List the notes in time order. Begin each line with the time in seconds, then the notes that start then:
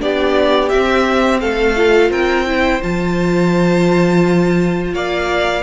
0.00 B3 D4 G4 D5
0.69 C4 E5
1.40 A3 A4 F5
1.76 F4
2.10 C4 A#4 G5
2.47 E4 C5
2.82 F3 F4 A5
4.93 A#3 D5 F5